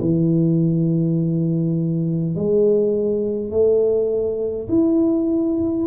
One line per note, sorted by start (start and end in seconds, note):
0.00 2.35 E3
2.35 3.50 G#3
3.50 4.68 A3
4.68 5.86 E4